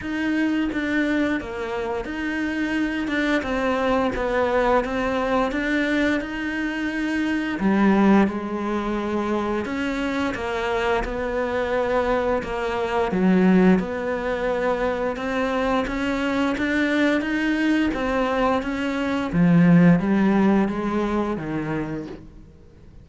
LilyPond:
\new Staff \with { instrumentName = "cello" } { \time 4/4 \tempo 4 = 87 dis'4 d'4 ais4 dis'4~ | dis'8 d'8 c'4 b4 c'4 | d'4 dis'2 g4 | gis2 cis'4 ais4 |
b2 ais4 fis4 | b2 c'4 cis'4 | d'4 dis'4 c'4 cis'4 | f4 g4 gis4 dis4 | }